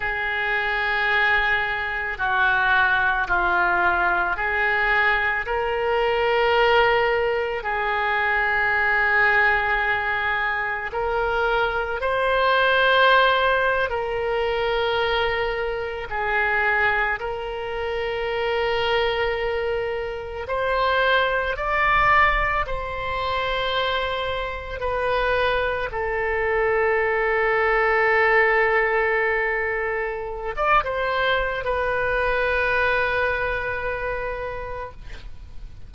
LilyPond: \new Staff \with { instrumentName = "oboe" } { \time 4/4 \tempo 4 = 55 gis'2 fis'4 f'4 | gis'4 ais'2 gis'4~ | gis'2 ais'4 c''4~ | c''8. ais'2 gis'4 ais'16~ |
ais'2~ ais'8. c''4 d''16~ | d''8. c''2 b'4 a'16~ | a'1 | d''16 c''8. b'2. | }